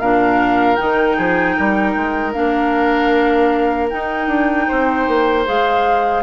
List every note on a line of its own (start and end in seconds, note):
0.00 0.79 A#2
0.00 0.77 D4
0.00 1.17 A#4
0.00 0.76 F5
0.76 1.18 D#3
0.76 2.33 D#4
0.76 2.32 G5
1.17 1.57 F3
1.17 1.56 G#4
1.57 1.96 G3
1.57 4.68 A#4
1.96 2.35 G#3
2.33 3.92 A#3
2.33 3.90 D4
2.33 3.89 F5
3.90 5.46 D#4
3.90 4.28 D#4
3.90 5.45 G5
4.28 4.67 D4
4.68 5.08 C4
4.68 6.23 C5
5.08 5.47 A#3
5.46 6.23 G#3
5.46 6.23 G#4
5.46 6.23 F5